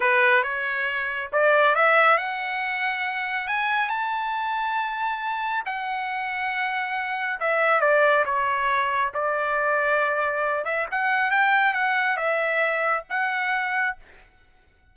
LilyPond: \new Staff \with { instrumentName = "trumpet" } { \time 4/4 \tempo 4 = 138 b'4 cis''2 d''4 | e''4 fis''2. | gis''4 a''2.~ | a''4 fis''2.~ |
fis''4 e''4 d''4 cis''4~ | cis''4 d''2.~ | d''8 e''8 fis''4 g''4 fis''4 | e''2 fis''2 | }